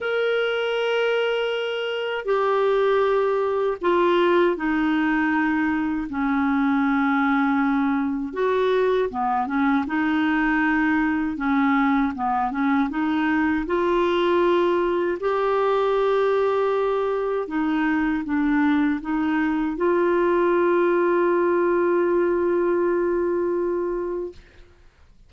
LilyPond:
\new Staff \with { instrumentName = "clarinet" } { \time 4/4 \tempo 4 = 79 ais'2. g'4~ | g'4 f'4 dis'2 | cis'2. fis'4 | b8 cis'8 dis'2 cis'4 |
b8 cis'8 dis'4 f'2 | g'2. dis'4 | d'4 dis'4 f'2~ | f'1 | }